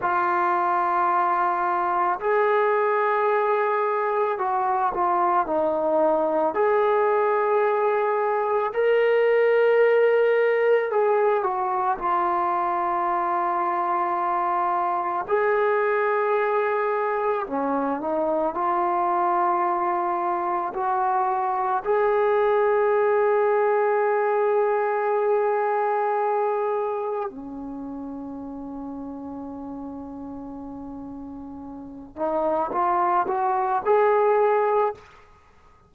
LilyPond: \new Staff \with { instrumentName = "trombone" } { \time 4/4 \tempo 4 = 55 f'2 gis'2 | fis'8 f'8 dis'4 gis'2 | ais'2 gis'8 fis'8 f'4~ | f'2 gis'2 |
cis'8 dis'8 f'2 fis'4 | gis'1~ | gis'4 cis'2.~ | cis'4. dis'8 f'8 fis'8 gis'4 | }